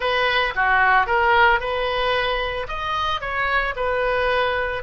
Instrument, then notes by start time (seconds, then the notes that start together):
oboe
0.00 B4
0.55 F#4
1.06 A#4
1.59 B4
2.68 D#5
3.20 C#5
3.76 B4